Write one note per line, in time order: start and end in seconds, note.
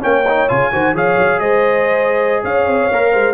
0.00 0.50 A#3
0.00 0.23 C#4
0.00 0.72 C#5
0.00 0.49 G5
0.28 0.48 D#4
0.48 0.72 C#3
0.48 0.71 F4
0.48 0.95 G#5
0.72 0.93 D#3
0.72 0.95 F#4
0.72 0.95 C5
0.93 1.16 F3
0.93 2.91 G#4
0.93 1.40 C#5
0.93 1.39 F5
1.18 1.39 F#3
1.39 2.42 G#3
1.39 2.43 C5
1.39 2.43 D#5
2.43 2.66 C#4
2.43 3.12 C#5
2.43 3.34 F5
2.66 2.89 C4
2.91 3.14 A#3
2.91 3.34 A#4
3.12 3.34 G#3
3.12 3.34 C5